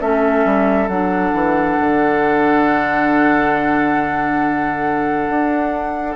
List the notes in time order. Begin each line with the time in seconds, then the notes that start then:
0.00 A3 C#4 A4 E5
0.45 G3
0.87 F#3 D4 F#5
1.32 E3
1.80 D3
5.29 D4